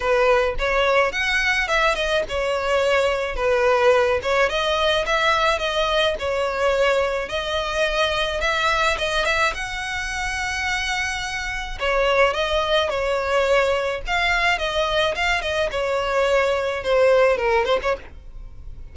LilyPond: \new Staff \with { instrumentName = "violin" } { \time 4/4 \tempo 4 = 107 b'4 cis''4 fis''4 e''8 dis''8 | cis''2 b'4. cis''8 | dis''4 e''4 dis''4 cis''4~ | cis''4 dis''2 e''4 |
dis''8 e''8 fis''2.~ | fis''4 cis''4 dis''4 cis''4~ | cis''4 f''4 dis''4 f''8 dis''8 | cis''2 c''4 ais'8 c''16 cis''16 | }